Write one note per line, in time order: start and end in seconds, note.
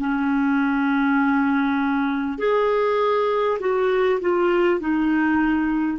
0.00 2.39 C#4
2.39 3.59 G#4
3.60 4.20 F#4
4.21 4.81 F4
4.81 5.99 D#4